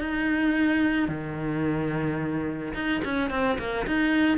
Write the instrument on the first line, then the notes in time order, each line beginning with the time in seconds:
cello
0.00 D#4
1.09 D#3
2.74 D#4
3.05 C#4
3.31 C4
3.59 A#3
3.87 D#4